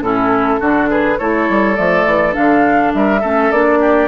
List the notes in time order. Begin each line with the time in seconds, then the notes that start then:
0.00 A2 C#4 E4 A4
0.60 D3 D4 F#4
0.90 G#4 B4
1.18 A3 E4 A4 C#5
1.49 G3
1.75 F3 A3 D5
2.06 E3
2.32 D3 D4 F5
2.94 G3 A#4 E5
3.20 A3 C#4 A4
3.51 A#3 D4 D5
3.80 G4